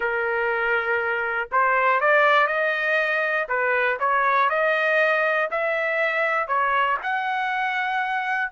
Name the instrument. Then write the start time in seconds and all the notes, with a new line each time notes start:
trumpet
0.00 A#4
1.51 C5
2.00 D5
2.47 D#5
3.48 B4
3.99 C#5
4.49 D#5
5.50 E5
6.47 C#5
7.02 F#5